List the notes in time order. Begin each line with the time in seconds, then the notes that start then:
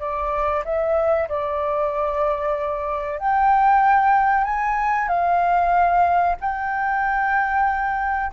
0.00 D5
0.65 E5
1.29 D5
3.19 G5
4.44 G#5
5.08 F5
6.41 G5